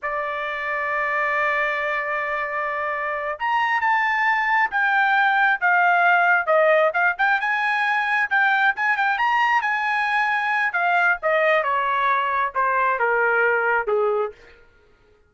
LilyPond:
\new Staff \with { instrumentName = "trumpet" } { \time 4/4 \tempo 4 = 134 d''1~ | d''2.~ d''8 ais''8~ | ais''8 a''2 g''4.~ | g''8 f''2 dis''4 f''8 |
g''8 gis''2 g''4 gis''8 | g''8 ais''4 gis''2~ gis''8 | f''4 dis''4 cis''2 | c''4 ais'2 gis'4 | }